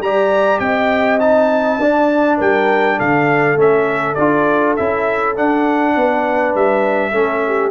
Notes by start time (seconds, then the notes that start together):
0.00 G3 G4 D5 A#5
0.60 C4 D#5 G5
1.20 D#4 A5
1.79 D4 D5
2.38 G3 A#4 G5
2.97 D3 A4 F5
3.56 A3 C#4 E5
4.14 D4 F4 D5
4.76 C#4 E4 E5
5.35 D4 F#5
5.96 B3 B4
6.55 G3 E5
7.11 A3 C#4 A4
7.47 G4